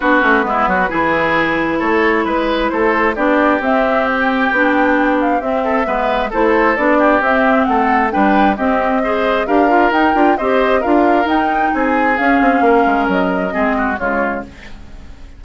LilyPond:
<<
  \new Staff \with { instrumentName = "flute" } { \time 4/4 \tempo 4 = 133 b'1 | cis''4 b'4 c''4 d''4 | e''4 g''2~ g''8 f''8 | e''2 c''4 d''4 |
e''4 fis''4 g''4 dis''4~ | dis''4 f''4 g''4 dis''4 | f''4 g''4 gis''4 f''4~ | f''4 dis''2 cis''4 | }
  \new Staff \with { instrumentName = "oboe" } { \time 4/4 fis'4 e'8 fis'8 gis'2 | a'4 b'4 a'4 g'4~ | g'1~ | g'8 a'8 b'4 a'4. g'8~ |
g'4 a'4 b'4 g'4 | c''4 ais'2 c''4 | ais'2 gis'2 | ais'2 gis'8 fis'8 f'4 | }
  \new Staff \with { instrumentName = "clarinet" } { \time 4/4 d'8 cis'8 b4 e'2~ | e'2. d'4 | c'2 d'2 | c'4 b4 e'4 d'4 |
c'2 d'4 c'4 | gis'4 g'8 f'8 dis'8 f'8 g'4 | f'4 dis'2 cis'4~ | cis'2 c'4 gis4 | }
  \new Staff \with { instrumentName = "bassoon" } { \time 4/4 b8 a8 gis8 fis8 e2 | a4 gis4 a4 b4 | c'2 b2 | c'4 gis4 a4 b4 |
c'4 a4 g4 c'4~ | c'4 d'4 dis'8 d'8 c'4 | d'4 dis'4 c'4 cis'8 c'8 | ais8 gis8 fis4 gis4 cis4 | }
>>